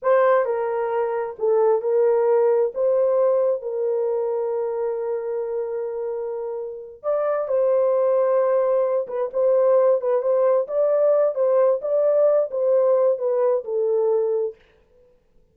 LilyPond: \new Staff \with { instrumentName = "horn" } { \time 4/4 \tempo 4 = 132 c''4 ais'2 a'4 | ais'2 c''2 | ais'1~ | ais'2.~ ais'8 d''8~ |
d''8 c''2.~ c''8 | b'8 c''4. b'8 c''4 d''8~ | d''4 c''4 d''4. c''8~ | c''4 b'4 a'2 | }